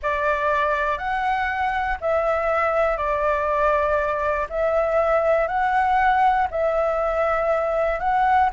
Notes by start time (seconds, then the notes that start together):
0.02 D5
0.98 F#5
2.00 E5
2.97 D5
4.49 E5
5.47 F#5
6.50 E5
7.99 F#5